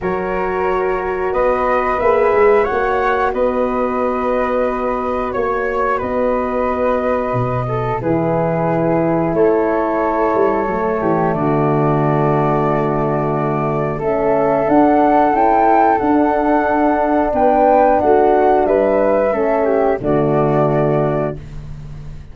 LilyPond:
<<
  \new Staff \with { instrumentName = "flute" } { \time 4/4 \tempo 4 = 90 cis''2 dis''4 e''4 | fis''4 dis''2. | cis''4 dis''2. | b'2 cis''2~ |
cis''4 d''2.~ | d''4 e''4 fis''4 g''4 | fis''2 g''4 fis''4 | e''2 d''2 | }
  \new Staff \with { instrumentName = "flute" } { \time 4/4 ais'2 b'2 | cis''4 b'2. | cis''4 b'2~ b'8 a'8 | gis'2 a'2~ |
a'8 g'8 fis'2.~ | fis'4 a'2.~ | a'2 b'4 fis'4 | b'4 a'8 g'8 fis'2 | }
  \new Staff \with { instrumentName = "horn" } { \time 4/4 fis'2. gis'4 | fis'1~ | fis'1 | e'1 |
a1~ | a4 cis'4 d'4 e'4 | d'1~ | d'4 cis'4 a2 | }
  \new Staff \with { instrumentName = "tuba" } { \time 4/4 fis2 b4 ais8 gis8 | ais4 b2. | ais4 b2 b,4 | e2 a4. g8 |
fis8 e8 d2.~ | d4 a4 d'4 cis'4 | d'2 b4 a4 | g4 a4 d2 | }
>>